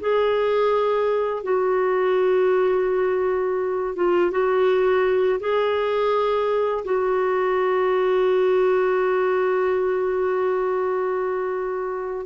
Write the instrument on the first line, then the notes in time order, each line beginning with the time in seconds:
clarinet
0.00 G#4
1.43 F#4
3.96 F4
4.31 F#4
5.40 G#4
6.85 F#4